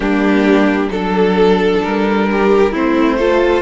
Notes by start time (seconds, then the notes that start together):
0.00 G3 A#3 D4 G4
0.90 F#3 D4 A4
1.83 G3 A#4
2.31 G4
2.71 A3 C4 E4 C5
3.17 F4 A4